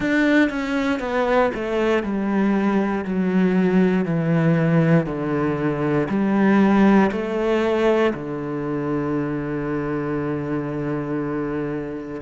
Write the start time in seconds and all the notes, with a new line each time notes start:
0.00 D4
0.49 C#4
0.99 B3
1.54 A3
2.03 G3
3.05 F#3
4.04 E3
5.06 D3
6.09 G3
7.11 A3
8.14 D3